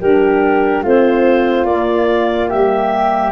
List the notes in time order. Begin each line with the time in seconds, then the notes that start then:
0.00 G3 D4 G4 A#4
0.82 A3 C4 F4 C5
1.64 A#3 D5
2.49 G3 G4 E5